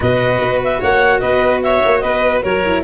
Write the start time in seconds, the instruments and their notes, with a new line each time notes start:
0.00 tuba B2, cello F#4, violin B4, clarinet D#5
0.41 tuba B3
0.64 clarinet E5
0.80 tuba A#3, violin C#5, clarinet F#5
1.20 tuba B3, violin B4, clarinet D#5
1.63 violin C#5, clarinet E5
1.85 tuba A#3
1.99 tuba B3, violin B4, clarinet D#5
2.42 tuba F#3, violin A#4, clarinet C#5
2.64 cello E4